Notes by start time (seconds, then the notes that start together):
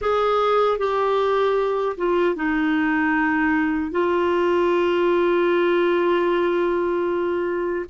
0.01 G#4
0.78 G4
1.97 F4
2.35 D#4
3.91 F4